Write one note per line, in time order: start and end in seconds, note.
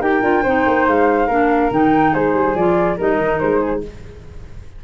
0.00 0.21 D#4
0.00 0.22 G4
0.00 0.43 A#4
0.00 0.86 G5
0.22 0.44 D4
0.22 0.43 F4
0.43 0.65 C4
0.43 1.29 D#4
0.43 1.27 C5
0.66 0.87 A#3
0.87 1.28 G#3
0.87 1.72 F5
1.27 1.70 A#3
1.27 1.71 D4
1.27 2.11 A#4
1.71 2.13 D#3
1.71 2.56 D#4
1.71 2.14 G5
2.11 2.34 G#3
2.11 2.96 G#4
2.11 2.56 C5
2.34 2.54 G3
2.54 2.97 F3
2.54 2.98 F4
2.54 2.98 D5
2.97 3.17 G3
2.97 3.83 D#4
2.97 3.59 A#4
2.97 3.39 D#5
3.17 3.38 D#3
3.39 3.84 G#3
3.39 3.81 C5
3.59 3.81 G#4